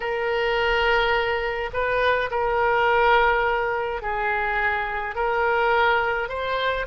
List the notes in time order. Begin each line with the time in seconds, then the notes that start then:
0.00 A#4
1.73 B4
2.31 A#4
4.02 G#4
5.15 A#4
6.28 C5